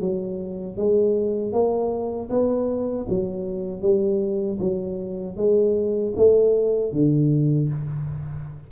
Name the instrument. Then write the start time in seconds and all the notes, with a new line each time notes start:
tuba
0.00 F#3
0.77 G#3
1.52 A#3
2.29 B3
3.09 F#3
3.81 G3
4.59 F#3
5.36 G#3
6.16 A3
6.92 D3